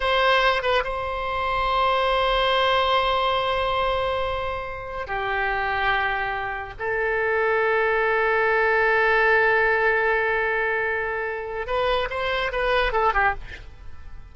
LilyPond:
\new Staff \with { instrumentName = "oboe" } { \time 4/4 \tempo 4 = 144 c''4. b'8 c''2~ | c''1~ | c''1~ | c''16 g'2.~ g'8.~ |
g'16 a'2.~ a'8.~ | a'1~ | a'1 | b'4 c''4 b'4 a'8 g'8 | }